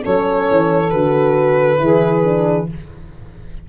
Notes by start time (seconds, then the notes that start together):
0.00 C#4 A4 C#5
0.06 F#3
0.50 E3
0.90 D3 F#4 B4
1.77 E3 E4 G#4
2.24 D4